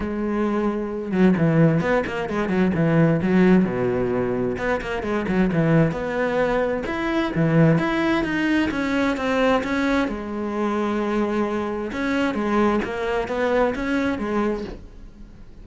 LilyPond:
\new Staff \with { instrumentName = "cello" } { \time 4/4 \tempo 4 = 131 gis2~ gis8 fis8 e4 | b8 ais8 gis8 fis8 e4 fis4 | b,2 b8 ais8 gis8 fis8 | e4 b2 e'4 |
e4 e'4 dis'4 cis'4 | c'4 cis'4 gis2~ | gis2 cis'4 gis4 | ais4 b4 cis'4 gis4 | }